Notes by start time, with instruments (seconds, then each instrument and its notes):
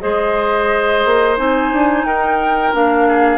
0.00 bassoon G#3, clarinet G#4, oboe C5, flute D#5
1.05 bassoon A#3
1.37 bassoon C4, clarinet D#4, flute G#5
1.72 bassoon D4
2.04 bassoon D#4, oboe A#4, flute G5
2.73 bassoon A#3, clarinet D4, flute F5
3.08 oboe G#4